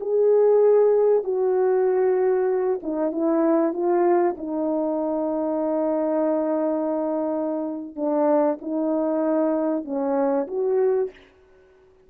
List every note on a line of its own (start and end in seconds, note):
0.00 1.24 G#4
1.24 2.80 F#4
2.82 3.12 D#4
3.12 3.73 E4
3.73 4.36 F4
4.38 7.96 D#4
7.96 8.58 D4
8.61 9.85 D#4
9.85 10.47 C#4
10.47 11.10 F#4